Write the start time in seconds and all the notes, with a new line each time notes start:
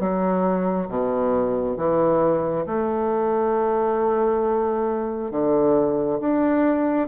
0.00 F#3
0.89 B2
1.77 E3
2.66 A3
5.31 D3
6.20 D4